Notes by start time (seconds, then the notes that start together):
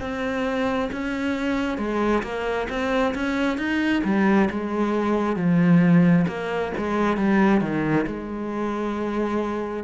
0.00 C4
0.92 C#4
1.77 G#3
2.23 A#3
2.69 C4
3.14 C#4
3.57 D#4
4.04 G3
4.50 G#3
5.36 F3
6.27 A#3
6.77 G#3
7.17 G3
7.60 D#3
8.06 G#3